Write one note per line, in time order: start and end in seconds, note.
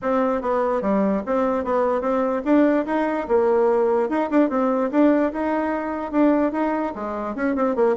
0.02 0.41 C4
0.41 0.81 B3
0.81 1.22 G3
1.26 1.64 C4
1.64 2.01 B3
2.01 2.42 C4
2.44 2.85 D4
2.86 3.27 D#4
3.28 4.09 A#3
4.09 4.29 D#4
4.30 4.49 D4
4.49 4.90 C4
4.91 5.32 D4
5.32 6.11 D#4
6.11 6.51 D4
6.51 6.92 D#4
6.95 7.35 G#3
7.35 7.55 C#4
7.55 7.75 C4
7.75 7.96 A#3